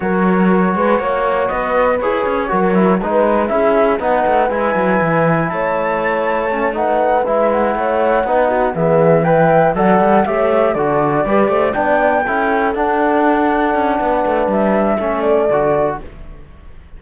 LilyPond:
<<
  \new Staff \with { instrumentName = "flute" } { \time 4/4 \tempo 4 = 120 cis''2. dis''4 | cis''2 b'4 e''4 | fis''4 gis''2 a''4~ | a''4. fis''4 e''8 fis''4~ |
fis''4. e''4 g''4 fis''8~ | fis''8 e''4 d''2 g''8~ | g''4. fis''2~ fis''8~ | fis''4 e''4. d''4. | }
  \new Staff \with { instrumentName = "horn" } { \time 4/4 ais'4. b'8 cis''4 b'4~ | b'4 ais'4 b'4 gis'4 | b'2. cis''4~ | cis''4. b'2 cis''8~ |
cis''8 b'8 fis'8 gis'4 e''4 d''8~ | d''8 cis''4 a'4 b'8 c''8 d''8~ | d''8 a'2.~ a'8 | b'2 a'2 | }
  \new Staff \with { instrumentName = "trombone" } { \time 4/4 fis'1 | gis'4 fis'8 e'8 dis'4 e'4 | dis'4 e'2.~ | e'4 cis'8 dis'4 e'4.~ |
e'8 dis'4 b4 b'4 a'8~ | a'8 g'4 fis'4 g'4 d'8~ | d'8 e'4 d'2~ d'8~ | d'2 cis'4 fis'4 | }
  \new Staff \with { instrumentName = "cello" } { \time 4/4 fis4. gis8 ais4 b4 | e'8 cis'8 fis4 gis4 cis'4 | b8 a8 gis8 fis8 e4 a4~ | a2~ a8 gis4 a8~ |
a8 b4 e2 fis8 | g8 a4 d4 g8 a8 b8~ | b8 cis'4 d'2 cis'8 | b8 a8 g4 a4 d4 | }
>>